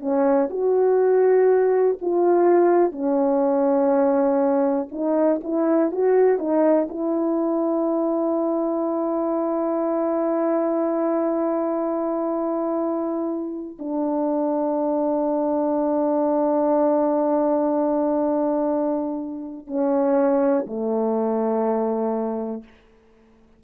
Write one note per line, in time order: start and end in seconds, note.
0.00 0.49 C#4
0.51 1.98 F#4
2.02 2.92 F4
2.92 4.89 C#4
4.92 5.41 D#4
5.44 5.92 E4
5.92 6.39 F#4
6.39 6.88 D#4
6.89 13.78 E4
13.79 19.67 D4
19.67 20.66 C#4
20.67 22.64 A3